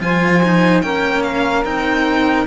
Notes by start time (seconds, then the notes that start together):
0.00 F3 F4 C5 G#5
0.43 D#4
0.82 A#3 C#4 A#4 G5
1.23 F5
1.64 C4 D#4 G5